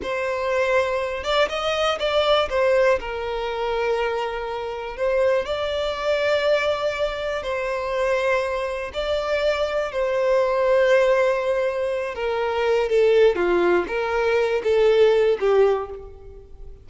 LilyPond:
\new Staff \with { instrumentName = "violin" } { \time 4/4 \tempo 4 = 121 c''2~ c''8 d''8 dis''4 | d''4 c''4 ais'2~ | ais'2 c''4 d''4~ | d''2. c''4~ |
c''2 d''2 | c''1~ | c''8 ais'4. a'4 f'4 | ais'4. a'4. g'4 | }